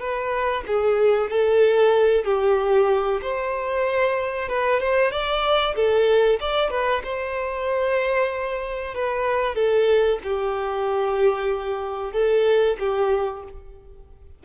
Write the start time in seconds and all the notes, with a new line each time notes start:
0.00 B4
0.67 G#4
1.30 A4
2.25 G4
3.22 C5
4.49 B4
4.80 C5
5.11 D5
5.75 A4
6.40 D5
6.70 B4
7.04 C5
8.94 B4
9.55 A4
10.23 G4
12.13 A4
12.79 G4